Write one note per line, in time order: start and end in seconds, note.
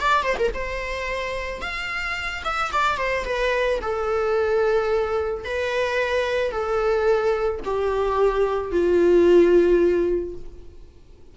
0.00 0.23 D5
0.23 0.37 C5
0.39 0.52 A#4
0.54 1.62 C5
1.62 2.43 F5
2.44 2.71 E5
2.72 2.98 D5
2.98 3.25 C5
3.25 3.80 B4
3.81 5.45 A4
5.45 6.51 B4
6.51 7.60 A4
7.65 8.71 G4
8.71 10.35 F4